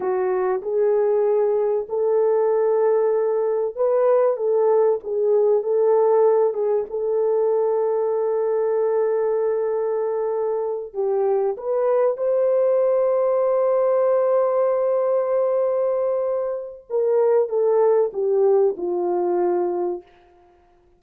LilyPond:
\new Staff \with { instrumentName = "horn" } { \time 4/4 \tempo 4 = 96 fis'4 gis'2 a'4~ | a'2 b'4 a'4 | gis'4 a'4. gis'8 a'4~ | a'1~ |
a'4. g'4 b'4 c''8~ | c''1~ | c''2. ais'4 | a'4 g'4 f'2 | }